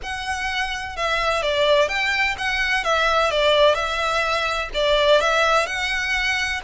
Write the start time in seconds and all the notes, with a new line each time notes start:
0.02 F#5
0.96 E5
1.42 D5
1.88 G5
2.38 F#5
2.84 E5
3.30 D5
3.75 E5
4.74 D5
5.21 E5
5.66 F#5